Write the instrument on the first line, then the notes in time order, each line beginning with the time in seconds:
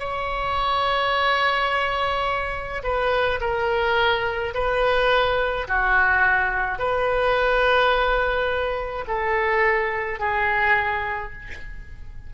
oboe
0.00 C#5
2.84 B4
3.41 A#4
4.55 B4
5.68 F#4
6.79 B4
9.08 A4
10.20 G#4